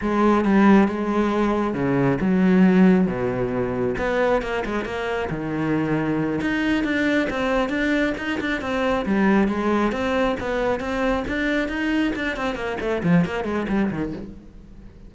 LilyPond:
\new Staff \with { instrumentName = "cello" } { \time 4/4 \tempo 4 = 136 gis4 g4 gis2 | cis4 fis2 b,4~ | b,4 b4 ais8 gis8 ais4 | dis2~ dis8 dis'4 d'8~ |
d'8 c'4 d'4 dis'8 d'8 c'8~ | c'8 g4 gis4 c'4 b8~ | b8 c'4 d'4 dis'4 d'8 | c'8 ais8 a8 f8 ais8 gis8 g8 dis8 | }